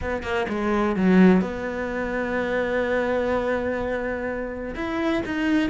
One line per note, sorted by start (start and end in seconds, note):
0.01 0.22 B3
0.22 0.46 A#3
0.48 0.95 G#3
0.95 1.41 F#3
1.41 4.74 B3
4.75 5.22 E4
5.25 5.69 D#4